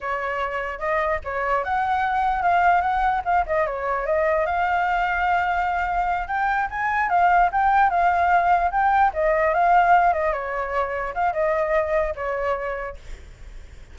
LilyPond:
\new Staff \with { instrumentName = "flute" } { \time 4/4 \tempo 4 = 148 cis''2 dis''4 cis''4 | fis''2 f''4 fis''4 | f''8 dis''8 cis''4 dis''4 f''4~ | f''2.~ f''8 g''8~ |
g''8 gis''4 f''4 g''4 f''8~ | f''4. g''4 dis''4 f''8~ | f''4 dis''8 cis''2 f''8 | dis''2 cis''2 | }